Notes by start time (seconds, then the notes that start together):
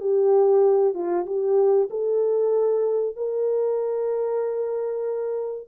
0.00 G4
0.94 F4
1.26 G4
1.90 A4
3.16 A#4